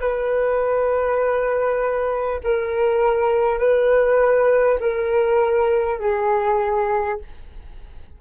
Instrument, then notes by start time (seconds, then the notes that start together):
flute
0.00 B4
2.43 A#4
3.58 B4
4.79 A#4
5.99 G#4